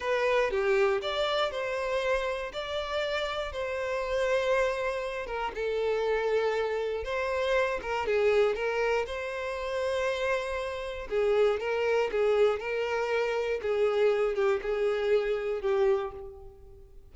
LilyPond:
\new Staff \with { instrumentName = "violin" } { \time 4/4 \tempo 4 = 119 b'4 g'4 d''4 c''4~ | c''4 d''2 c''4~ | c''2~ c''8 ais'8 a'4~ | a'2 c''4. ais'8 |
gis'4 ais'4 c''2~ | c''2 gis'4 ais'4 | gis'4 ais'2 gis'4~ | gis'8 g'8 gis'2 g'4 | }